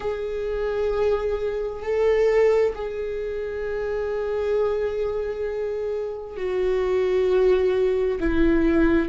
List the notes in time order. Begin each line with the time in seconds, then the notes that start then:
0.00 G#4
1.82 A4
2.74 G#4
6.36 F#4
8.20 E4